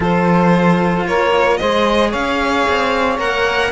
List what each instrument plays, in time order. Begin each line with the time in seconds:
0.00 cello F3 F4, saxophone A4, violin C5
1.07 cello A#3, saxophone A#4, violin C#5
1.57 cello G#3 G#4, saxophone C5, violin D#5
2.09 cello C#4, saxophone C#5, violin F5
2.69 cello C4
3.17 cello A#3 A#4, violin F#5